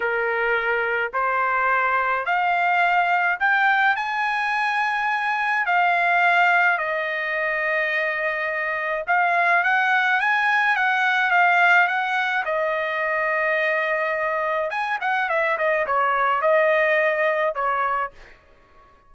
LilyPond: \new Staff \with { instrumentName = "trumpet" } { \time 4/4 \tempo 4 = 106 ais'2 c''2 | f''2 g''4 gis''4~ | gis''2 f''2 | dis''1 |
f''4 fis''4 gis''4 fis''4 | f''4 fis''4 dis''2~ | dis''2 gis''8 fis''8 e''8 dis''8 | cis''4 dis''2 cis''4 | }